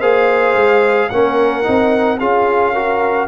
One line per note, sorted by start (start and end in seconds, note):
0.00 0.56 A#3
0.00 1.11 G#4
0.00 1.09 C5
0.00 1.10 F5
0.56 1.10 G#3
1.10 1.67 A#3
1.10 1.64 C#4
1.10 2.20 A#4
1.10 2.19 F#5
1.64 2.21 C4
1.64 2.18 D#4
2.20 3.28 C#4
2.20 2.75 F4
2.20 2.73 G#4
2.20 3.28 F5
2.73 3.28 F#4
2.73 3.27 A#4